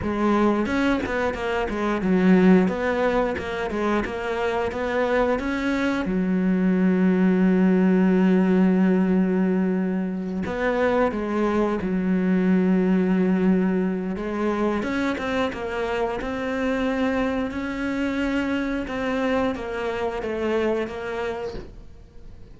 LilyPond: \new Staff \with { instrumentName = "cello" } { \time 4/4 \tempo 4 = 89 gis4 cis'8 b8 ais8 gis8 fis4 | b4 ais8 gis8 ais4 b4 | cis'4 fis2.~ | fis2.~ fis8 b8~ |
b8 gis4 fis2~ fis8~ | fis4 gis4 cis'8 c'8 ais4 | c'2 cis'2 | c'4 ais4 a4 ais4 | }